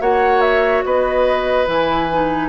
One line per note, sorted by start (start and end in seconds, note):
0.00 0.84 A#3
0.00 1.66 F#4
0.00 0.85 C#5
0.00 0.41 F#5
0.41 0.83 E5
0.84 1.68 B3
0.84 2.49 B4
0.84 1.68 D#5
1.66 2.49 E3
1.66 2.08 E4
1.66 2.49 G#5
2.12 2.49 D#4